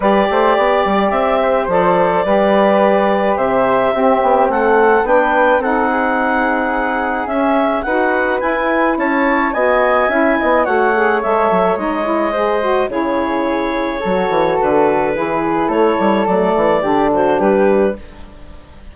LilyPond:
<<
  \new Staff \with { instrumentName = "clarinet" } { \time 4/4 \tempo 4 = 107 d''2 e''4 d''4~ | d''2 e''2 | fis''4 g''4 fis''2~ | fis''4 e''4 fis''4 gis''4 |
a''4 gis''2 fis''4 | e''4 dis''2 cis''4~ | cis''2 b'2 | cis''4 d''4. c''8 b'4 | }
  \new Staff \with { instrumentName = "flute" } { \time 4/4 b'8 c''8 d''4. c''4. | b'2 c''4 g'4 | a'4 b'4 a'8 gis'4.~ | gis'2 b'2 |
cis''4 dis''4 e''8 dis''8 cis''4~ | cis''2 c''4 gis'4~ | gis'4 a'2 gis'4 | a'2 g'8 fis'8 g'4 | }
  \new Staff \with { instrumentName = "saxophone" } { \time 4/4 g'2. a'4 | g'2. c'4~ | c'4 d'4 dis'2~ | dis'4 cis'4 fis'4 e'4~ |
e'4 fis'4 e'4 fis'8 gis'8 | a'4 dis'8 e'8 gis'8 fis'8 e'4~ | e'4 fis'2 e'4~ | e'4 a4 d'2 | }
  \new Staff \with { instrumentName = "bassoon" } { \time 4/4 g8 a8 b8 g8 c'4 f4 | g2 c4 c'8 b8 | a4 b4 c'2~ | c'4 cis'4 dis'4 e'4 |
cis'4 b4 cis'8 b8 a4 | gis8 fis8 gis2 cis4~ | cis4 fis8 e8 d4 e4 | a8 g8 fis8 e8 d4 g4 | }
>>